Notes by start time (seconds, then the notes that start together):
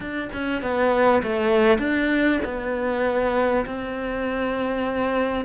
0.00 D4
0.33 C#4
0.61 B3
1.22 A3
1.78 D4
2.44 B3
3.66 C4